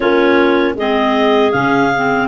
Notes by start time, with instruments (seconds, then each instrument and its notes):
0.00 tuba A#3, clarinet C#4 F4 C#5
0.75 tuba G#3, clarinet C4 G#4 D#5
1.51 tuba C#3, clarinet C#4 F5
1.96 clarinet C4